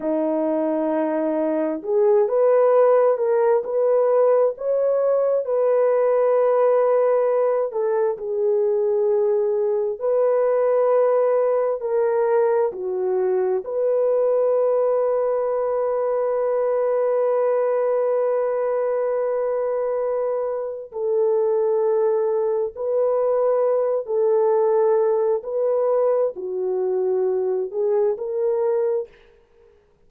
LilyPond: \new Staff \with { instrumentName = "horn" } { \time 4/4 \tempo 4 = 66 dis'2 gis'8 b'4 ais'8 | b'4 cis''4 b'2~ | b'8 a'8 gis'2 b'4~ | b'4 ais'4 fis'4 b'4~ |
b'1~ | b'2. a'4~ | a'4 b'4. a'4. | b'4 fis'4. gis'8 ais'4 | }